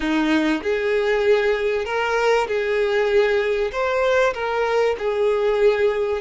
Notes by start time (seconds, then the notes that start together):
0.00 D#4
0.62 G#4
1.85 A#4
2.47 G#4
3.71 C5
4.34 A#4
4.98 G#4